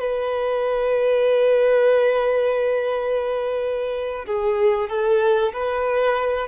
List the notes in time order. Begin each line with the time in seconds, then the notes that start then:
0.00 B4
4.27 G#4
4.90 A4
5.53 B4